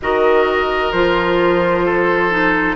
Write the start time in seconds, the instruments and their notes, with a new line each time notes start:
0.02 bassoon D#3, clarinet F#4, oboe A#4, flute D#5
0.92 bassoon F3, clarinet F4, flute C5
1.85 oboe A4
2.30 clarinet D#4